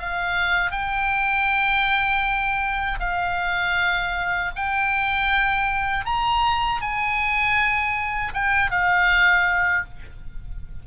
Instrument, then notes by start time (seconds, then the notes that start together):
oboe
0.00 F5
0.72 G5
3.00 F5
4.56 G5
6.06 A#5
6.82 G#5
8.34 G5
8.71 F5